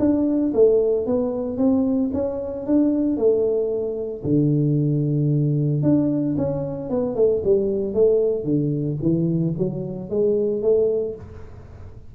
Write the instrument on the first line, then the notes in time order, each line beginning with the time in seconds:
tuba
0.00 D4
0.55 A3
1.07 B3
1.58 C4
2.14 C#4
2.67 D4
3.17 A3
4.24 D3
5.83 D4
6.38 C#4
6.90 B3
7.16 A3
7.45 G3
7.94 A3
8.45 D3
9.02 E3
9.58 F#3
10.10 G#3
10.63 A3